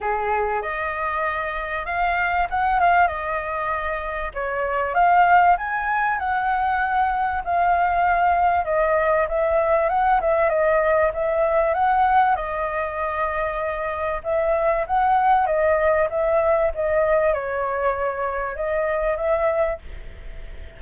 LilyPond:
\new Staff \with { instrumentName = "flute" } { \time 4/4 \tempo 4 = 97 gis'4 dis''2 f''4 | fis''8 f''8 dis''2 cis''4 | f''4 gis''4 fis''2 | f''2 dis''4 e''4 |
fis''8 e''8 dis''4 e''4 fis''4 | dis''2. e''4 | fis''4 dis''4 e''4 dis''4 | cis''2 dis''4 e''4 | }